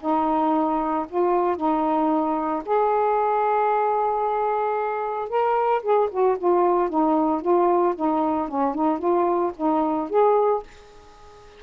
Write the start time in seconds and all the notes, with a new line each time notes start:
0.00 D#4
1.09 F4
1.57 D#4
2.65 G#4
5.29 A#4
5.83 G#4
6.11 F#4
6.38 F4
6.89 D#4
7.42 F4
7.95 D#4
8.48 C#4
8.74 D#4
8.99 F4
9.56 D#4
10.10 G#4